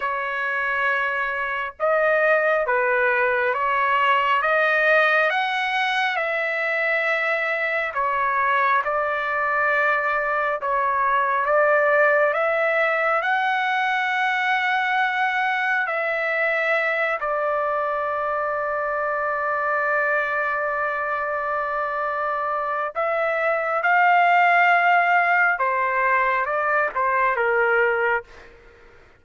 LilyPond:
\new Staff \with { instrumentName = "trumpet" } { \time 4/4 \tempo 4 = 68 cis''2 dis''4 b'4 | cis''4 dis''4 fis''4 e''4~ | e''4 cis''4 d''2 | cis''4 d''4 e''4 fis''4~ |
fis''2 e''4. d''8~ | d''1~ | d''2 e''4 f''4~ | f''4 c''4 d''8 c''8 ais'4 | }